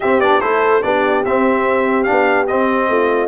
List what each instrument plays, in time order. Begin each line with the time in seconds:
0.00 trombone C4, tuba C4, horn G4, trumpet E5
0.20 tuba B3, trombone D4, trumpet D5
0.40 tuba A3, trombone E4, horn A4, trumpet C5
0.82 tuba B3, trombone D4, horn G4, trumpet D5
1.25 tuba C4, trombone C4, trumpet E5
2.03 trombone D4, trumpet F5
2.10 tuba B3
2.47 trombone C4, tuba C4, trumpet D#5
2.89 tuba A3, horn F4